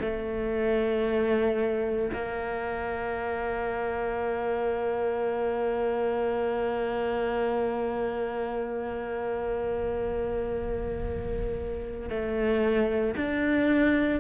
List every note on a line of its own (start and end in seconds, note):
0.00 2.11 A3
2.13 12.09 A#3
12.09 13.14 A3
13.16 14.20 D4